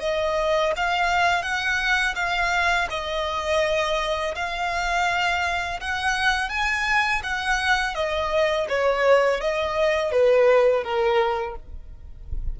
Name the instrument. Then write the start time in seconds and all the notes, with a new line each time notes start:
violin
0.00 D#5
0.76 F5
1.42 F#5
2.15 F5
2.90 D#5
4.35 F5
5.80 F#5
6.49 G#5
7.23 F#5
7.95 D#5
8.69 C#5
9.41 D#5
10.11 B4
10.83 A#4